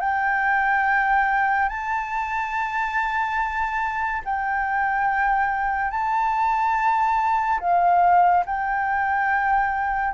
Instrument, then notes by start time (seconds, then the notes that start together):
flute
0.00 G5
1.69 A5
4.25 G5
5.91 A5
7.60 F5
8.46 G5